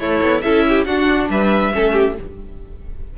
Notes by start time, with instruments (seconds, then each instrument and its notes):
0.00 cello A3, violin E4 C#5, viola A4
0.22 cello B3
0.42 cello C#4, viola E4, violin A4 E5
0.69 violin G4
0.86 cello D4, viola D4, violin F#4 F#5
1.30 cello G3, violin B4 E5
1.73 cello A3, viola C#4, violin A4
1.93 violin G4